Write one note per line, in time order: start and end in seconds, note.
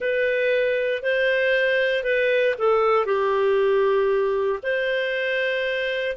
0.00 1.02 B4
1.02 2.03 C5
2.03 2.54 B4
2.58 3.05 A4
3.05 4.59 G4
4.62 6.16 C5